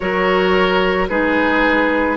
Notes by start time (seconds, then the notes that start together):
0.00 F#3 F#4 A#4 C#5
1.08 G#3 D#4 G#4 B4